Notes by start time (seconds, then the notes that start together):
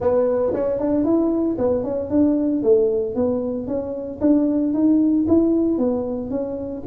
0.00 B3
0.53 C#4
0.79 D4
1.04 E4
1.58 B3
1.83 C#4
2.10 D4
2.62 A3
3.15 B3
3.67 C#4
4.20 D4
4.73 D#4
5.28 E4
5.78 B3
6.30 C#4